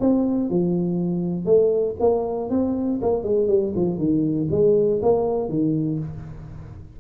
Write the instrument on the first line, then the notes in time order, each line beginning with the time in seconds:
tuba
0.00 C4
0.50 F3
1.45 A3
2.00 A#3
2.50 C4
3.02 A#3
3.23 G#3
3.48 G3
3.75 F3
3.98 D#3
4.51 G#3
5.02 A#3
5.49 D#3